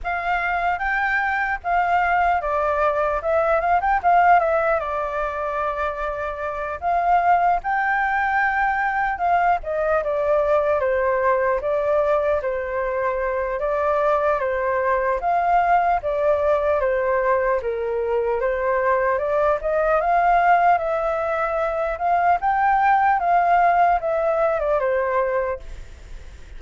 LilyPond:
\new Staff \with { instrumentName = "flute" } { \time 4/4 \tempo 4 = 75 f''4 g''4 f''4 d''4 | e''8 f''16 g''16 f''8 e''8 d''2~ | d''8 f''4 g''2 f''8 | dis''8 d''4 c''4 d''4 c''8~ |
c''4 d''4 c''4 f''4 | d''4 c''4 ais'4 c''4 | d''8 dis''8 f''4 e''4. f''8 | g''4 f''4 e''8. d''16 c''4 | }